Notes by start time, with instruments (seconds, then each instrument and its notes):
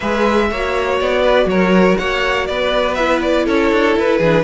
0.00 cello G#3, viola G#4, violin B4 E5
0.51 cello A#3, viola F#4, violin C#5
1.00 cello B3, violin D5
1.21 violin B4
1.45 cello F#3, violin A#4 C#5
1.97 cello A#3, violin C#5 F#5
2.46 cello B3, violin B4 D5
2.94 viola E4, violin E5
3.21 violin D5
3.44 cello C#4, violin A4 C#5
3.71 cello D4
3.96 cello E4, violin B4
4.18 cello E3, viola D4, violin G#4